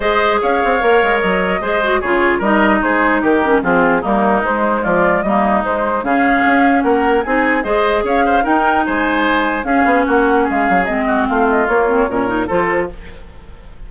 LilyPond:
<<
  \new Staff \with { instrumentName = "flute" } { \time 4/4 \tempo 4 = 149 dis''4 f''2 dis''4~ | dis''4 cis''4 dis''4 c''4 | ais'4 gis'4 ais'4 c''4 | d''4 dis''4 c''4 f''4~ |
f''4 fis''4 gis''4 dis''4 | f''4 g''4 gis''2 | f''4 fis''4 f''4 dis''4 | f''8 dis''8 cis''2 c''4 | }
  \new Staff \with { instrumentName = "oboe" } { \time 4/4 c''4 cis''2. | c''4 gis'4 ais'4 gis'4 | g'4 f'4 dis'2 | f'4 dis'2 gis'4~ |
gis'4 ais'4 gis'4 c''4 | cis''8 c''8 ais'4 c''2 | gis'4 fis'4 gis'4. fis'8 | f'2 ais'4 a'4 | }
  \new Staff \with { instrumentName = "clarinet" } { \time 4/4 gis'2 ais'2 | gis'8 fis'8 f'4 dis'2~ | dis'8 cis'8 c'4 ais4 gis4~ | gis4 ais4 gis4 cis'4~ |
cis'2 dis'4 gis'4~ | gis'4 dis'2. | cis'2. c'4~ | c'4 ais8 c'8 cis'8 dis'8 f'4 | }
  \new Staff \with { instrumentName = "bassoon" } { \time 4/4 gis4 cis'8 c'8 ais8 gis8 fis4 | gis4 cis4 g4 gis4 | dis4 f4 g4 gis4 | f4 g4 gis4 cis4 |
cis'4 ais4 c'4 gis4 | cis'4 dis'4 gis2 | cis'8 b8 ais4 gis8 fis8 gis4 | a4 ais4 ais,4 f4 | }
>>